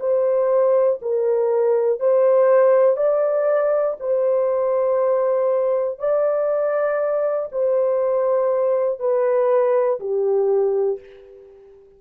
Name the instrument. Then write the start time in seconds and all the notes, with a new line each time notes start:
horn
0.00 C5
1.02 A#4
2.00 C5
2.97 D5
4.00 C5
6.00 D5
7.52 C5
9.00 B4
10.00 G4